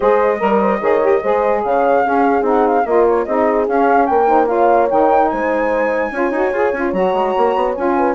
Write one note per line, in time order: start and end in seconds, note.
0.00 0.41 G#3
0.00 0.38 G#4
0.00 0.39 C5
0.00 1.62 D#5
0.39 0.80 G3
0.39 0.80 A#4
0.39 0.60 A#4
0.61 0.81 C5
0.80 1.21 D#3
0.80 1.01 G#4
0.80 1.21 C#5
1.01 1.22 G4
1.22 1.64 G#3
1.22 2.04 G#4
1.22 1.63 C5
1.63 2.05 C#3
1.63 2.05 C#5
1.63 2.45 F5
2.04 2.43 C#4
2.04 2.42 C#4
2.04 2.85 G#4
2.42 2.83 C4
2.42 2.84 D#4
2.42 2.67 F#5
2.67 2.85 F5
2.85 3.26 A#3
2.85 3.27 F4
2.85 3.26 A#4
2.85 3.06 D#5
3.07 3.25 C#5
3.25 3.67 C4
3.25 3.68 D#4
3.25 4.09 G#4
3.25 3.66 D#5
3.67 4.08 C#4
3.67 4.27 C#4
3.67 4.06 F5
4.06 4.91 A#3
4.06 4.27 A#4
4.06 4.47 G5
4.27 4.47 D#4
4.27 4.47 C5
4.47 4.87 F4
4.47 5.30 C#5
4.47 4.88 F5
4.89 5.32 D#3
4.89 6.12 D#4
4.89 5.28 G5
5.28 6.11 G#3
5.28 6.12 C5
5.28 6.92 G#5
6.11 6.30 C#4
6.11 6.33 F4
6.11 7.97 C#5
6.30 6.51 D#4
6.30 6.54 F#4
6.52 6.72 F4
6.52 6.74 G#4
6.73 6.93 C#4
6.73 6.93 F4
6.92 7.13 F#3
6.92 7.75 F#4
6.92 7.74 A#5
7.13 7.33 G#3
7.37 7.55 A#3
7.55 7.76 B3
7.74 8.15 C#4
7.74 8.15 F4
7.74 8.15 G#5
7.97 8.15 B4